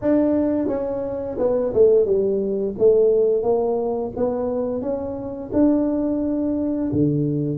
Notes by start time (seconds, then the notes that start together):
0.01 D4
0.67 C#4
1.38 B3
1.73 A3
2.05 G3
2.78 A3
3.42 A#3
4.16 B3
4.81 C#4
5.52 D4
6.92 D3